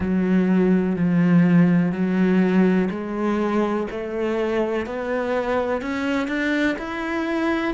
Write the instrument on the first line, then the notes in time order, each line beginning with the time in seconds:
cello
0.00 F#3
0.95 F3
1.91 F#3
2.90 G#3
3.90 A3
4.86 B3
5.81 C#4
6.27 D4
6.78 E4